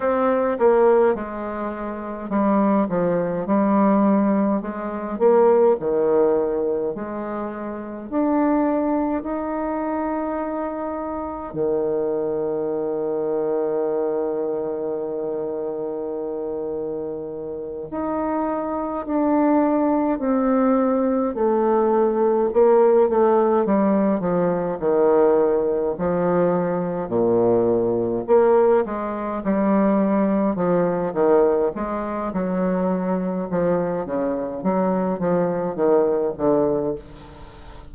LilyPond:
\new Staff \with { instrumentName = "bassoon" } { \time 4/4 \tempo 4 = 52 c'8 ais8 gis4 g8 f8 g4 | gis8 ais8 dis4 gis4 d'4 | dis'2 dis2~ | dis2.~ dis8 dis'8~ |
dis'8 d'4 c'4 a4 ais8 | a8 g8 f8 dis4 f4 ais,8~ | ais,8 ais8 gis8 g4 f8 dis8 gis8 | fis4 f8 cis8 fis8 f8 dis8 d8 | }